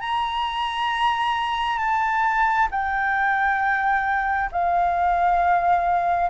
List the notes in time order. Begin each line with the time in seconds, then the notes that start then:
0.00 A#5
1.78 A5
2.71 G5
4.51 F5